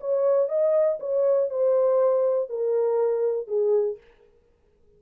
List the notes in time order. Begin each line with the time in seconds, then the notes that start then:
0.00 C#5
0.48 D#5
1.00 C#5
1.50 C5
2.49 A#4
3.47 G#4